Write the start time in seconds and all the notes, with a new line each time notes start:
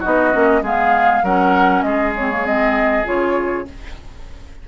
0.00 B3 D#4 F#4 D#5
0.32 A#3 C#4
0.62 G#3 B3 G#4 F5
1.23 F#3 C#4 A#4 F#5
1.82 G#3 G#4 D#5
2.16 C4 C#5
2.31 A#3
2.45 C4 D#5
3.04 C#3 F4 C#5